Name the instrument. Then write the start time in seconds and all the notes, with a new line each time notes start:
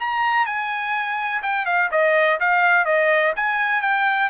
trumpet
0.00 A#5
0.46 G#5
1.43 G5
1.66 F5
1.92 D#5
2.41 F5
2.86 D#5
3.37 G#5
3.82 G5